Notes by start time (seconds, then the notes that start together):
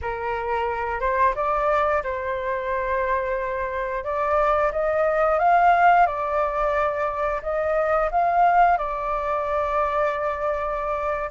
0.01 A#4
1.00 C5
1.35 D5
2.03 C5
4.04 D5
4.72 D#5
5.38 F5
6.06 D5
7.42 D#5
8.11 F5
8.77 D5